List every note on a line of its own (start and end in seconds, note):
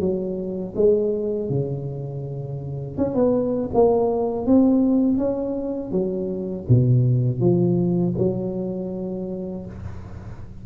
0.00 0.74 F#3
0.76 1.50 G#3
1.50 2.97 C#3
2.97 3.15 C#4
3.15 3.70 B3
3.74 4.46 A#3
4.46 5.18 C4
5.18 5.92 C#4
5.92 6.66 F#3
6.69 7.40 B2
7.40 8.14 F3
8.18 9.66 F#3